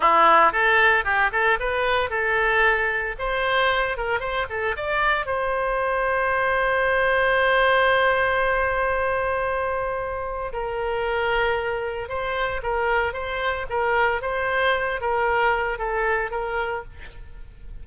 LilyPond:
\new Staff \with { instrumentName = "oboe" } { \time 4/4 \tempo 4 = 114 e'4 a'4 g'8 a'8 b'4 | a'2 c''4. ais'8 | c''8 a'8 d''4 c''2~ | c''1~ |
c''1 | ais'2. c''4 | ais'4 c''4 ais'4 c''4~ | c''8 ais'4. a'4 ais'4 | }